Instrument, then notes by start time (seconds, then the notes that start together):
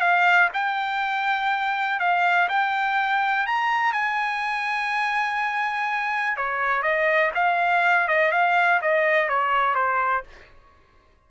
trumpet
0.00 F5
0.54 G5
2.00 F5
2.49 G5
3.47 A#5
3.93 G#5
6.37 C#5
6.83 D#5
7.35 F5
8.08 D#5
8.31 F5
8.82 D#5
9.29 C#5
9.75 C5